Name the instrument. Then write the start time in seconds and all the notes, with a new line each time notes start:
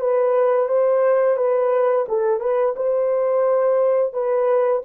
horn
0.00 B4
0.68 C5
1.37 B4
2.08 A4
2.40 B4
2.76 C5
4.13 B4